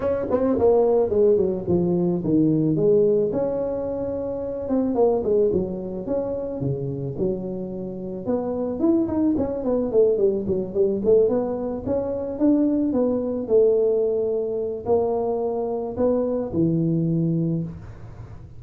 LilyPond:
\new Staff \with { instrumentName = "tuba" } { \time 4/4 \tempo 4 = 109 cis'8 c'8 ais4 gis8 fis8 f4 | dis4 gis4 cis'2~ | cis'8 c'8 ais8 gis8 fis4 cis'4 | cis4 fis2 b4 |
e'8 dis'8 cis'8 b8 a8 g8 fis8 g8 | a8 b4 cis'4 d'4 b8~ | b8 a2~ a8 ais4~ | ais4 b4 e2 | }